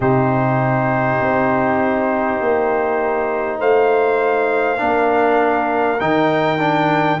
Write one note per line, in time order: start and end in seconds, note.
0.00 1.19 C3
0.00 4.77 D#4
0.00 3.58 G4
0.00 3.60 C5
1.20 2.40 C4
2.40 3.60 A#3
3.58 4.80 A3
3.58 4.79 C5
3.58 6.00 F5
4.77 6.00 A#3
4.77 5.97 D4
4.77 7.20 A#4
6.00 7.20 D#3
6.00 6.58 D#4
6.00 7.20 G5
6.58 7.19 D4